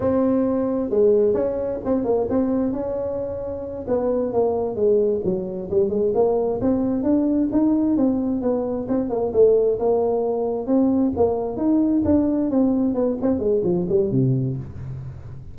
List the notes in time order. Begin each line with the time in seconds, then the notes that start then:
0.00 C4
0.90 G#3
1.34 C#4
1.84 C4
2.04 A#3
2.29 C4
2.72 C#4
3.87 B3
4.32 A#3
4.75 G#3
5.24 F#3
5.70 G3
5.89 G#3
6.14 A#3
6.61 C4
7.03 D4
7.52 D#4
7.96 C4
8.41 B3
8.88 C4
9.09 A#3
9.33 A3
9.79 A#3
10.66 C4
11.16 A#3
11.56 D#4
12.05 D4
12.50 C4
12.94 B3
13.21 C4
13.39 G#3
13.63 F3
13.88 G3
14.11 C3